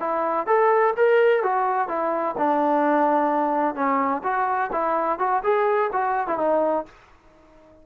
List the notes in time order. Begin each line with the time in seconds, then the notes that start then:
0.00 E4
0.47 A4
0.97 A#4
1.43 F#4
1.89 E4
2.38 D4
3.75 C#4
4.23 F#4
4.73 E4
5.19 F#4
5.44 G#4
5.93 F#4
6.28 E4
6.38 D#4